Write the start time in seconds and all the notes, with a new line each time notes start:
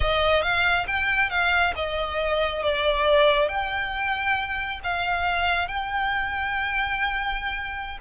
0.00 D#5
0.42 F5
0.87 G5
1.29 F5
1.75 D#5
2.63 D5
3.48 G5
4.83 F5
5.68 G5